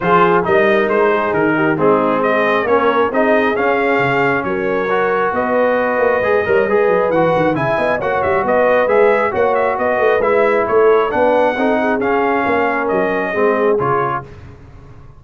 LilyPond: <<
  \new Staff \with { instrumentName = "trumpet" } { \time 4/4 \tempo 4 = 135 c''4 dis''4 c''4 ais'4 | gis'4 dis''4 cis''4 dis''4 | f''2 cis''2 | dis''1 |
fis''4 gis''4 fis''8 e''8 dis''4 | e''4 fis''8 e''8 dis''4 e''4 | cis''4 fis''2 f''4~ | f''4 dis''2 cis''4 | }
  \new Staff \with { instrumentName = "horn" } { \time 4/4 gis'4 ais'4. gis'4 g'8 | dis'4 gis'4 ais'4 gis'4~ | gis'2 ais'2 | b'2~ b'8 cis''8 b'4~ |
b'4 e''8 dis''8 cis''4 b'4~ | b'4 cis''4 b'2 | a'4 b'4 a'8 gis'4. | ais'2 gis'2 | }
  \new Staff \with { instrumentName = "trombone" } { \time 4/4 f'4 dis'2. | c'2 cis'4 dis'4 | cis'2. fis'4~ | fis'2 gis'8 ais'8 gis'4 |
fis'4 e'4 fis'2 | gis'4 fis'2 e'4~ | e'4 d'4 dis'4 cis'4~ | cis'2 c'4 f'4 | }
  \new Staff \with { instrumentName = "tuba" } { \time 4/4 f4 g4 gis4 dis4 | gis2 ais4 c'4 | cis'4 cis4 fis2 | b4. ais8 gis8 g8 gis8 fis8 |
e8 dis8 cis8 b8 ais8 g8 b4 | gis4 ais4 b8 a8 gis4 | a4 b4 c'4 cis'4 | ais4 fis4 gis4 cis4 | }
>>